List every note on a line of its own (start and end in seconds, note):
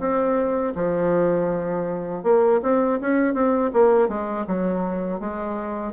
0.00 0.74 C4
0.76 2.24 F3
2.24 2.61 A#3
2.63 3.00 C4
3.01 3.34 C#4
3.34 3.71 C4
3.74 4.09 A#3
4.09 4.46 G#3
4.47 5.21 F#3
5.21 5.93 G#3